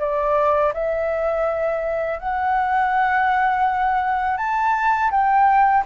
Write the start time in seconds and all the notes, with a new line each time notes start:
0.00 D5
0.74 E5
2.20 F#5
4.37 A5
5.11 G5